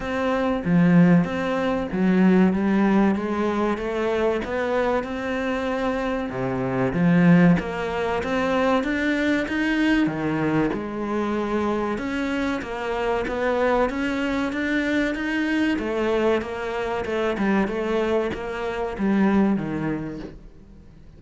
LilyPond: \new Staff \with { instrumentName = "cello" } { \time 4/4 \tempo 4 = 95 c'4 f4 c'4 fis4 | g4 gis4 a4 b4 | c'2 c4 f4 | ais4 c'4 d'4 dis'4 |
dis4 gis2 cis'4 | ais4 b4 cis'4 d'4 | dis'4 a4 ais4 a8 g8 | a4 ais4 g4 dis4 | }